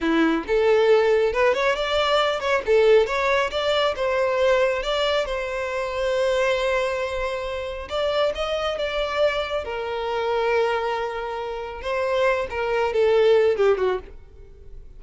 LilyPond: \new Staff \with { instrumentName = "violin" } { \time 4/4 \tempo 4 = 137 e'4 a'2 b'8 cis''8 | d''4. cis''8 a'4 cis''4 | d''4 c''2 d''4 | c''1~ |
c''2 d''4 dis''4 | d''2 ais'2~ | ais'2. c''4~ | c''8 ais'4 a'4. g'8 fis'8 | }